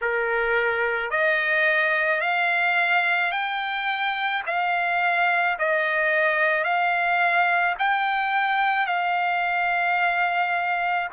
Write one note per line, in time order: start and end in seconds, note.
0.01 1.10 A#4
1.10 2.20 D#5
2.20 3.31 F5
3.31 4.42 G5
4.46 5.57 F5
5.59 6.64 D#5
6.64 7.75 F5
7.78 8.86 G5
8.86 11.08 F5